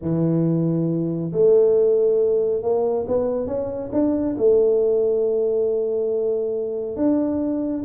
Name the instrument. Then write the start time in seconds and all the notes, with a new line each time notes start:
tuba
0.01 E3
1.32 A3
2.62 A#3
3.07 B3
3.47 C#4
3.92 D4
4.37 A3
6.96 D4